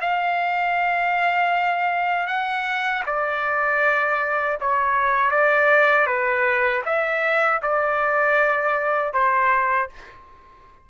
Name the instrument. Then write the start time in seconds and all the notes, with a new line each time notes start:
trumpet
0.00 F5
2.27 F#5
3.06 D5
4.60 C#5
5.30 D5
6.06 B4
6.85 E5
7.62 D5
9.13 C5